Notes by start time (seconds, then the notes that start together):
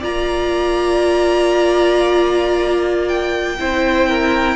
0.00 A#3 F4 D5 A#5
3.08 G5
3.58 C4 E4 C5
4.09 A#4